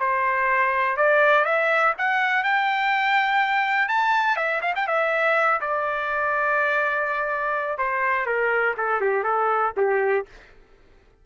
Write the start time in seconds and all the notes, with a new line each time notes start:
0.00 C5
0.97 D5
1.45 E5
1.98 F#5
2.44 G5
3.88 A5
4.37 E5
4.62 F5
4.76 G5
4.87 E5
5.61 D5
7.78 C5
8.26 A#4
8.77 A4
9.01 G4
9.24 A4
9.77 G4